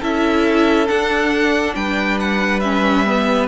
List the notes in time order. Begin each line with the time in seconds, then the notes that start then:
0.00 C#4 E4 A4 E5
0.87 D4 F#5
1.75 G3 B4 G5
2.20 F#5
2.59 C#4 E5
3.05 B3